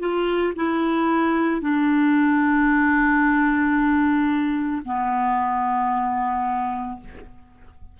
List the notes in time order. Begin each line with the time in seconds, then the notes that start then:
0.00 F4
0.56 E4
1.62 D4
4.86 B3